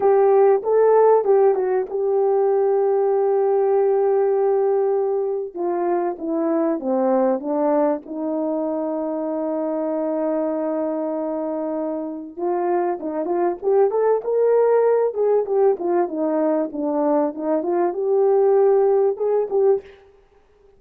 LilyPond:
\new Staff \with { instrumentName = "horn" } { \time 4/4 \tempo 4 = 97 g'4 a'4 g'8 fis'8 g'4~ | g'1~ | g'4 f'4 e'4 c'4 | d'4 dis'2.~ |
dis'1 | f'4 dis'8 f'8 g'8 a'8 ais'4~ | ais'8 gis'8 g'8 f'8 dis'4 d'4 | dis'8 f'8 g'2 gis'8 g'8 | }